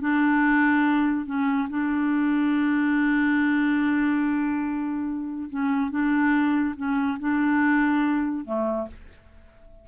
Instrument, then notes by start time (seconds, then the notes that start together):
clarinet
0.00 D4
1.26 C#4
1.69 D4
5.50 C#4
5.91 D4
6.76 C#4
7.19 D4
8.45 A3